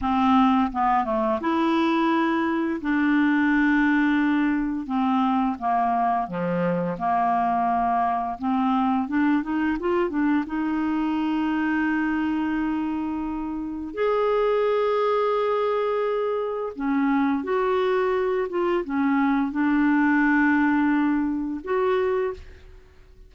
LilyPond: \new Staff \with { instrumentName = "clarinet" } { \time 4/4 \tempo 4 = 86 c'4 b8 a8 e'2 | d'2. c'4 | ais4 f4 ais2 | c'4 d'8 dis'8 f'8 d'8 dis'4~ |
dis'1 | gis'1 | cis'4 fis'4. f'8 cis'4 | d'2. fis'4 | }